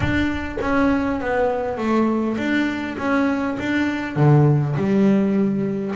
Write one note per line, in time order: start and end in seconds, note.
0.00 0.58 D4
0.60 1.20 C#4
1.20 1.77 B3
1.77 2.37 A3
2.37 2.96 D4
2.98 3.57 C#4
3.59 4.16 D4
4.16 4.75 D3
4.76 5.95 G3